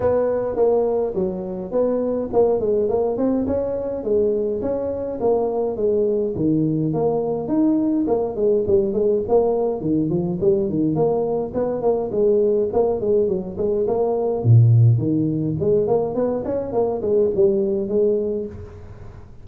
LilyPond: \new Staff \with { instrumentName = "tuba" } { \time 4/4 \tempo 4 = 104 b4 ais4 fis4 b4 | ais8 gis8 ais8 c'8 cis'4 gis4 | cis'4 ais4 gis4 dis4 | ais4 dis'4 ais8 gis8 g8 gis8 |
ais4 dis8 f8 g8 dis8 ais4 | b8 ais8 gis4 ais8 gis8 fis8 gis8 | ais4 ais,4 dis4 gis8 ais8 | b8 cis'8 ais8 gis8 g4 gis4 | }